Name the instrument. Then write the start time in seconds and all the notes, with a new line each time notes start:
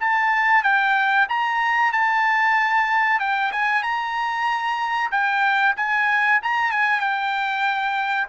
trumpet
0.00 A5
0.64 G5
1.29 A#5
1.93 A5
3.20 G5
3.52 G#5
3.83 A#5
5.12 G5
5.77 G#5
6.43 A#5
6.71 G#5
7.00 G5